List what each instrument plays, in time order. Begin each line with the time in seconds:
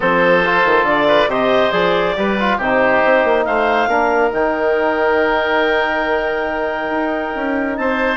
0.00 bassoon F3, trombone C4, oboe A4, clarinet C5
0.45 trombone F4
0.65 bassoon D#3
0.83 bassoon D3, clarinet D5
1.07 oboe B4
1.27 bassoon C3, trombone G4, oboe C5, clarinet D#5
1.71 bassoon F3, trombone G#4, clarinet D5
2.16 bassoon G3, trombone G4, oboe B4
2.39 trombone F4
2.57 bassoon C3, trombone D#4, oboe G4, clarinet C5
3.04 bassoon C4
3.24 bassoon A#3
3.44 bassoon A3, oboe C5, clarinet F5
3.87 bassoon A#3, trombone D4, oboe A#4
4.31 bassoon D#3, trombone D#4, clarinet G5
6.90 bassoon D#4
7.35 bassoon C#4
7.76 bassoon C4, oboe C5, clarinet A5